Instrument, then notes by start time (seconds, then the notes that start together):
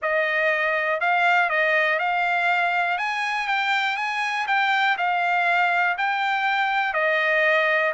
trumpet
0.02 D#5
1.00 F5
1.49 D#5
1.99 F5
2.98 G#5
3.47 G5
3.96 G#5
4.47 G5
4.97 F5
5.97 G5
6.93 D#5